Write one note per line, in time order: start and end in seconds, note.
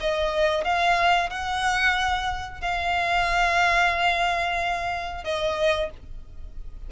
0.00 0.64 D#5
0.64 1.29 F5
1.29 2.61 F#5
2.61 5.24 F5
5.24 5.90 D#5